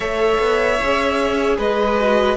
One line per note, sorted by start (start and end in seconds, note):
0.00 0.38 A3
0.00 0.78 A4
0.00 1.56 C#5
0.00 1.57 E5
0.39 0.78 B3
0.81 1.58 C#4
0.81 1.99 G#4
1.58 2.36 G#3
1.58 2.36 B4
1.58 2.36 D#5
1.99 2.36 F#4